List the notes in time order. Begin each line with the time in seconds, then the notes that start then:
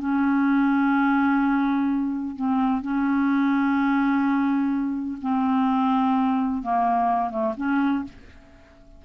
0.00 C#4
2.36 C4
2.82 C#4
5.22 C4
6.63 A#3
7.30 A3
7.57 C#4